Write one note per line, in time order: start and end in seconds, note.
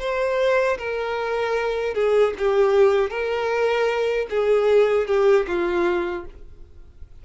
0.00 0.78 C5
0.78 1.95 A#4
1.95 2.34 G#4
2.38 3.10 G4
3.10 4.27 A#4
4.30 5.07 G#4
5.07 5.46 G4
5.48 6.26 F4